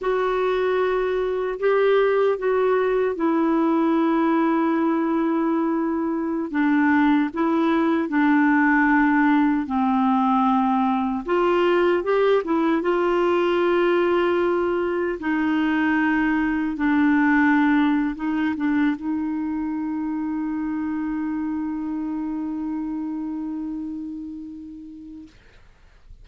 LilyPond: \new Staff \with { instrumentName = "clarinet" } { \time 4/4 \tempo 4 = 76 fis'2 g'4 fis'4 | e'1~ | e'16 d'4 e'4 d'4.~ d'16~ | d'16 c'2 f'4 g'8 e'16~ |
e'16 f'2. dis'8.~ | dis'4~ dis'16 d'4.~ d'16 dis'8 d'8 | dis'1~ | dis'1 | }